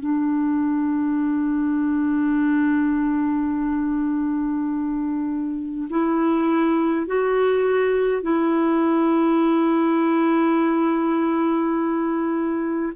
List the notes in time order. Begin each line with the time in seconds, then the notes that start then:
0.00 D4
5.90 E4
7.07 F#4
8.22 E4